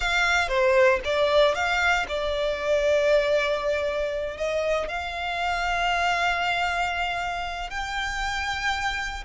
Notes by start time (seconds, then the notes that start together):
0.00 F5
0.48 C5
1.04 D5
1.55 F5
2.08 D5
4.37 D#5
4.88 F5
7.70 G5